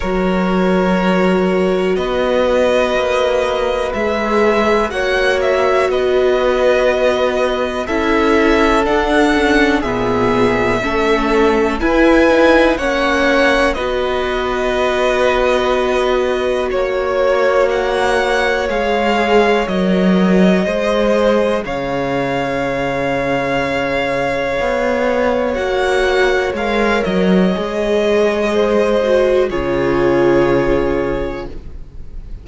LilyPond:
<<
  \new Staff \with { instrumentName = "violin" } { \time 4/4 \tempo 4 = 61 cis''2 dis''2 | e''4 fis''8 e''8 dis''2 | e''4 fis''4 e''2 | gis''4 fis''4 dis''2~ |
dis''4 cis''4 fis''4 f''4 | dis''2 f''2~ | f''2 fis''4 f''8 dis''8~ | dis''2 cis''2 | }
  \new Staff \with { instrumentName = "violin" } { \time 4/4 ais'2 b'2~ | b'4 cis''4 b'2 | a'2 gis'4 a'4 | b'4 cis''4 b'2~ |
b'4 cis''2.~ | cis''4 c''4 cis''2~ | cis''1~ | cis''4 c''4 gis'2 | }
  \new Staff \with { instrumentName = "viola" } { \time 4/4 fis'1 | gis'4 fis'2. | e'4 d'8 cis'8 b4 cis'4 | e'8 dis'8 cis'4 fis'2~ |
fis'2. gis'4 | ais'4 gis'2.~ | gis'2 fis'4 ais'4 | gis'4. fis'8 f'2 | }
  \new Staff \with { instrumentName = "cello" } { \time 4/4 fis2 b4 ais4 | gis4 ais4 b2 | cis'4 d'4 ais,4 a4 | e'4 ais4 b2~ |
b4 ais2 gis4 | fis4 gis4 cis2~ | cis4 b4 ais4 gis8 fis8 | gis2 cis2 | }
>>